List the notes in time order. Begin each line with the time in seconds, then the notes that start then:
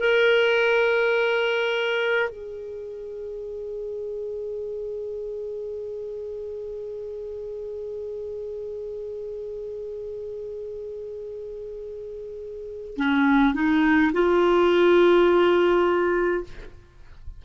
0.00 A#4
2.30 G#4
12.97 C#4
13.55 D#4
14.13 F4